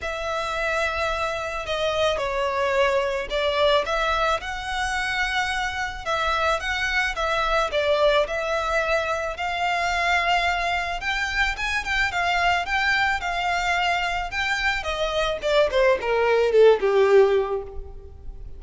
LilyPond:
\new Staff \with { instrumentName = "violin" } { \time 4/4 \tempo 4 = 109 e''2. dis''4 | cis''2 d''4 e''4 | fis''2. e''4 | fis''4 e''4 d''4 e''4~ |
e''4 f''2. | g''4 gis''8 g''8 f''4 g''4 | f''2 g''4 dis''4 | d''8 c''8 ais'4 a'8 g'4. | }